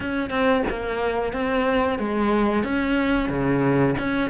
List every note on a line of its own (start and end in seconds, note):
0.00 0.30 C#4
0.30 0.63 C4
0.70 1.32 A#3
1.32 1.98 C4
1.98 2.63 G#3
2.63 3.29 C#4
3.29 3.95 C#3
3.98 4.30 C#4